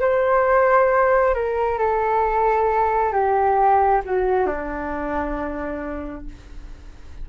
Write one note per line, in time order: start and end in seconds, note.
0.00 1.34 C5
1.34 1.78 A#4
1.78 3.12 A4
3.12 4.01 G4
4.04 4.46 F#4
4.46 6.25 D4